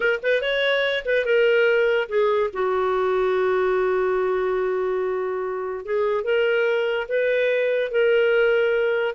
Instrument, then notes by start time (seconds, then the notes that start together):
clarinet
0.00 A#4
0.22 B4
0.41 C#5
1.05 B4
1.25 A#4
2.08 G#4
2.53 F#4
5.85 G#4
6.24 A#4
7.08 B4
7.91 A#4